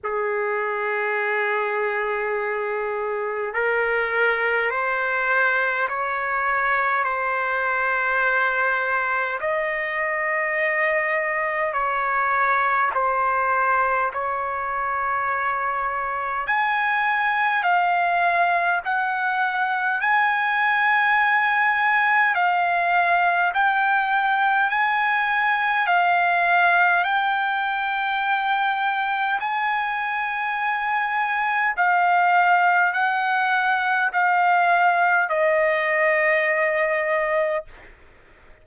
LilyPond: \new Staff \with { instrumentName = "trumpet" } { \time 4/4 \tempo 4 = 51 gis'2. ais'4 | c''4 cis''4 c''2 | dis''2 cis''4 c''4 | cis''2 gis''4 f''4 |
fis''4 gis''2 f''4 | g''4 gis''4 f''4 g''4~ | g''4 gis''2 f''4 | fis''4 f''4 dis''2 | }